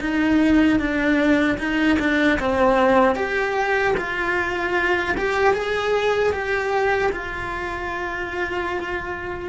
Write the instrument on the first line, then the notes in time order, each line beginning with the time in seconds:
cello
0.00 D#4
0.79 D4
1.58 D#4
1.99 D4
2.39 C4
3.15 G4
3.97 F4
5.17 G4
5.53 G#4
6.32 G4
7.12 F4